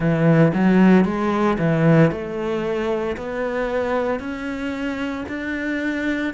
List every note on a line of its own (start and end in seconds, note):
0.00 0.52 E3
0.54 1.04 F#3
1.04 1.57 G#3
1.58 2.11 E3
2.11 3.16 A3
3.16 4.19 B3
4.19 5.24 C#4
5.28 6.33 D4